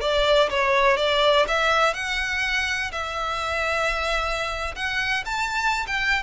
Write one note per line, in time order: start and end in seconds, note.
0.00 0.49 D5
0.49 0.96 C#5
0.96 1.45 D5
1.47 1.93 E5
1.93 2.91 F#5
2.92 4.74 E5
4.75 5.24 F#5
5.25 5.86 A5
5.87 6.23 G5